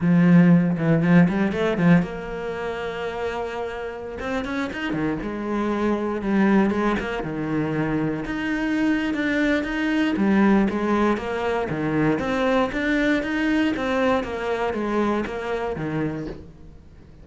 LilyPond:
\new Staff \with { instrumentName = "cello" } { \time 4/4 \tempo 4 = 118 f4. e8 f8 g8 a8 f8 | ais1~ | ais16 c'8 cis'8 dis'8 dis8 gis4.~ gis16~ | gis16 g4 gis8 ais8 dis4.~ dis16~ |
dis16 dis'4.~ dis'16 d'4 dis'4 | g4 gis4 ais4 dis4 | c'4 d'4 dis'4 c'4 | ais4 gis4 ais4 dis4 | }